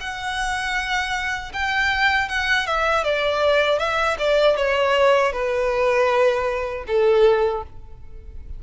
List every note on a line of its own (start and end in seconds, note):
0.00 1.52 F#5
1.53 2.29 G5
2.29 2.67 F#5
2.67 3.03 E5
3.03 3.79 D5
3.79 4.17 E5
4.18 4.56 D5
4.56 5.32 C#5
5.32 6.84 B4
6.87 7.63 A4